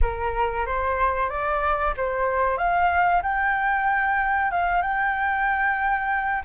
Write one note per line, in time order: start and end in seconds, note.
0.01 0.65 A#4
0.65 1.29 C5
1.29 1.94 D5
1.96 2.57 C5
2.57 3.22 F5
3.22 4.51 G5
4.51 4.82 F5
4.82 6.43 G5